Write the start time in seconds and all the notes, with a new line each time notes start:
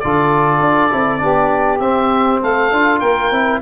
0.00 D3 F4 A4 D5
0.60 D4
0.91 C4 E4
1.19 B3 D4 G4
1.79 C4 E5
2.40 A3 A4 F5
2.72 D4 F4
3.00 A#3 A#4 G5
3.31 C4 E4